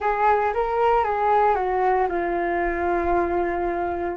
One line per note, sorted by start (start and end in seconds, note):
0.00 0.53 G#4
0.54 1.04 A#4
1.04 1.55 G#4
1.55 2.07 F#4
2.08 4.16 F4